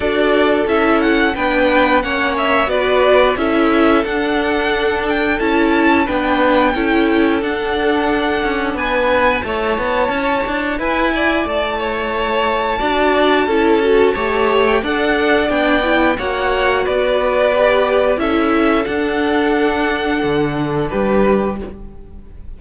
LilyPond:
<<
  \new Staff \with { instrumentName = "violin" } { \time 4/4 \tempo 4 = 89 d''4 e''8 fis''8 g''4 fis''8 e''8 | d''4 e''4 fis''4. g''8 | a''4 g''2 fis''4~ | fis''4 gis''4 a''2 |
gis''4 a''2.~ | a''4.~ a''16 g''16 fis''4 g''4 | fis''4 d''2 e''4 | fis''2. b'4 | }
  \new Staff \with { instrumentName = "violin" } { \time 4/4 a'2 b'4 cis''4 | b'4 a'2.~ | a'4 b'4 a'2~ | a'4 b'4 cis''2 |
b'8 d''4 cis''4. d''4 | a'4 cis''4 d''2 | cis''4 b'2 a'4~ | a'2. g'4 | }
  \new Staff \with { instrumentName = "viola" } { \time 4/4 fis'4 e'4 d'4 cis'4 | fis'4 e'4 d'2 | e'4 d'4 e'4 d'4~ | d'2 e'2~ |
e'2. fis'4 | e'8 fis'8 g'4 a'4 d'8 e'8 | fis'2 g'4 e'4 | d'1 | }
  \new Staff \with { instrumentName = "cello" } { \time 4/4 d'4 cis'4 b4 ais4 | b4 cis'4 d'2 | cis'4 b4 cis'4 d'4~ | d'8 cis'8 b4 a8 b8 cis'8 d'8 |
e'4 a2 d'4 | cis'4 a4 d'4 b4 | ais4 b2 cis'4 | d'2 d4 g4 | }
>>